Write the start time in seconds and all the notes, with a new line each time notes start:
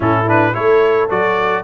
0.00 A2 C#4 E4 A4
0.27 D4 B4
0.53 A3 E4 A4 C#5
1.09 F#3 F#4 D5